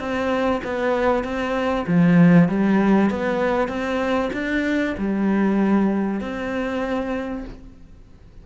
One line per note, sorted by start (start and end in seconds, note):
0.00 0.62 C4
0.64 1.24 B3
1.24 1.86 C4
1.87 2.49 F3
2.49 3.10 G3
3.10 3.69 B3
3.69 4.30 C4
4.33 4.95 D4
4.98 6.21 G3
6.21 7.45 C4